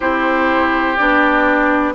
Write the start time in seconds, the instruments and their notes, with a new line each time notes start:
0.00 bassoon C4, clarinet E4, oboe G4, flute C5
0.96 bassoon B3, clarinet D4, flute D5